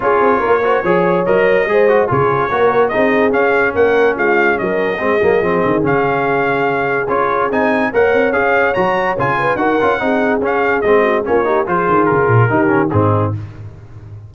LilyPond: <<
  \new Staff \with { instrumentName = "trumpet" } { \time 4/4 \tempo 4 = 144 cis''2. dis''4~ | dis''4 cis''2 dis''4 | f''4 fis''4 f''4 dis''4~ | dis''2 f''2~ |
f''4 cis''4 gis''4 fis''4 | f''4 ais''4 gis''4 fis''4~ | fis''4 f''4 dis''4 cis''4 | c''4 ais'2 gis'4 | }
  \new Staff \with { instrumentName = "horn" } { \time 4/4 gis'4 ais'8 c''8 cis''2 | c''4 gis'4 ais'4 gis'4~ | gis'4 ais'4 f'4 ais'4 | gis'1~ |
gis'2. cis''4~ | cis''2~ cis''8 b'8 ais'4 | gis'2~ gis'8 fis'8 f'8 g'8 | gis'2 g'4 dis'4 | }
  \new Staff \with { instrumentName = "trombone" } { \time 4/4 f'4. fis'8 gis'4 ais'4 | gis'8 fis'8 f'4 fis'4 dis'4 | cis'1 | c'8 ais8 c'4 cis'2~ |
cis'4 f'4 dis'4 ais'4 | gis'4 fis'4 f'4 fis'8 f'8 | dis'4 cis'4 c'4 cis'8 dis'8 | f'2 dis'8 cis'8 c'4 | }
  \new Staff \with { instrumentName = "tuba" } { \time 4/4 cis'8 c'8 ais4 f4 fis4 | gis4 cis4 ais4 c'4 | cis'4 ais4 gis4 fis4 | gis8 fis8 f8 dis8 cis2~ |
cis4 cis'4 c'4 ais8 c'8 | cis'4 fis4 cis4 dis'8 cis'8 | c'4 cis'4 gis4 ais4 | f8 dis8 cis8 ais,8 dis4 gis,4 | }
>>